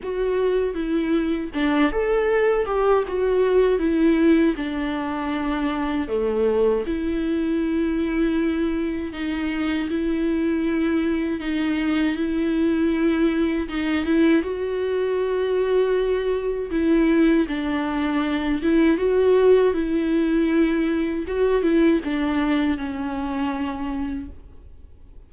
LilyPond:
\new Staff \with { instrumentName = "viola" } { \time 4/4 \tempo 4 = 79 fis'4 e'4 d'8 a'4 g'8 | fis'4 e'4 d'2 | a4 e'2. | dis'4 e'2 dis'4 |
e'2 dis'8 e'8 fis'4~ | fis'2 e'4 d'4~ | d'8 e'8 fis'4 e'2 | fis'8 e'8 d'4 cis'2 | }